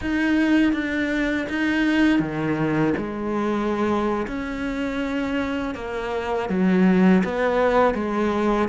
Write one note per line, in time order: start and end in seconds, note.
0.01 0.72 D#4
0.72 1.46 D4
1.48 2.19 D#4
2.19 2.93 D#3
2.97 4.26 G#3
4.27 5.74 C#4
5.74 6.48 A#3
6.48 7.23 F#3
7.24 7.94 B3
7.94 8.68 G#3